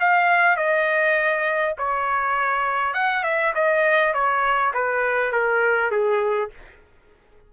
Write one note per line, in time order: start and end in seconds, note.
0.00 0.57 F5
0.57 1.76 D#5
1.78 2.94 C#5
2.94 3.24 F#5
3.24 3.53 E5
3.55 4.14 D#5
4.14 4.73 C#5
4.74 5.32 B4
5.32 5.91 A#4
5.91 6.50 G#4